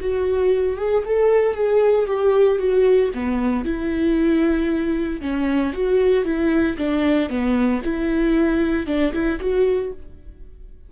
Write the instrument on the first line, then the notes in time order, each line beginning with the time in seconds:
viola
0.00 F#4
0.77 G#4
1.05 A4
1.54 G#4
2.06 G4
2.58 F#4
3.14 B3
3.64 E4
5.21 C#4
5.72 F#4
6.24 E4
6.77 D4
7.29 B3
7.83 E4
8.86 D4
9.12 E4
9.40 F#4